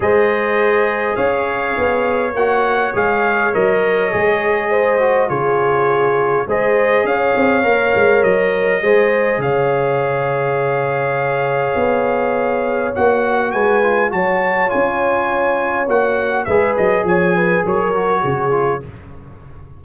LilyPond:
<<
  \new Staff \with { instrumentName = "trumpet" } { \time 4/4 \tempo 4 = 102 dis''2 f''2 | fis''4 f''4 dis''2~ | dis''4 cis''2 dis''4 | f''2 dis''2 |
f''1~ | f''2 fis''4 gis''4 | a''4 gis''2 fis''4 | e''8 dis''8 gis''4 cis''2 | }
  \new Staff \with { instrumentName = "horn" } { \time 4/4 c''2 cis''2~ | cis''1 | c''4 gis'2 c''4 | cis''2. c''4 |
cis''1~ | cis''2. b'4 | cis''1 | b'4 cis''8 b'8 ais'4 gis'4 | }
  \new Staff \with { instrumentName = "trombone" } { \time 4/4 gis'1 | fis'4 gis'4 ais'4 gis'4~ | gis'8 fis'8 f'2 gis'4~ | gis'4 ais'2 gis'4~ |
gis'1~ | gis'2 fis'4. f'8 | fis'4 f'2 fis'4 | gis'2~ gis'8 fis'4 f'8 | }
  \new Staff \with { instrumentName = "tuba" } { \time 4/4 gis2 cis'4 b4 | ais4 gis4 fis4 gis4~ | gis4 cis2 gis4 | cis'8 c'8 ais8 gis8 fis4 gis4 |
cis1 | b2 ais4 gis4 | fis4 cis'2 ais4 | gis8 fis8 f4 fis4 cis4 | }
>>